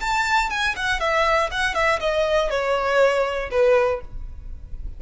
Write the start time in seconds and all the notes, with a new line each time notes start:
0.00 A5
0.50 G#5
0.75 F#5
1.00 E5
1.51 F#5
1.74 E5
2.00 D#5
2.50 C#5
3.50 B4